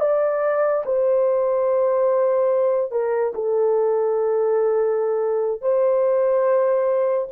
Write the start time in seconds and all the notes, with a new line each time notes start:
0.00 D5
0.85 C5
2.91 A#4
3.34 A4
5.61 C5